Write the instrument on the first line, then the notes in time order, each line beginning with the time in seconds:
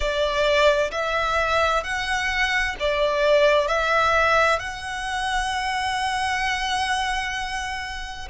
violin
0.00 D5
0.91 E5
1.83 F#5
2.79 D5
3.67 E5
4.59 F#5